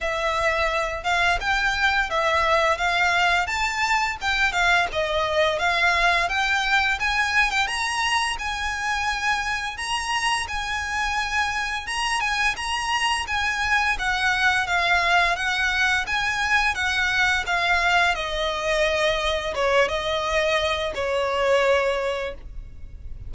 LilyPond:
\new Staff \with { instrumentName = "violin" } { \time 4/4 \tempo 4 = 86 e''4. f''8 g''4 e''4 | f''4 a''4 g''8 f''8 dis''4 | f''4 g''4 gis''8. g''16 ais''4 | gis''2 ais''4 gis''4~ |
gis''4 ais''8 gis''8 ais''4 gis''4 | fis''4 f''4 fis''4 gis''4 | fis''4 f''4 dis''2 | cis''8 dis''4. cis''2 | }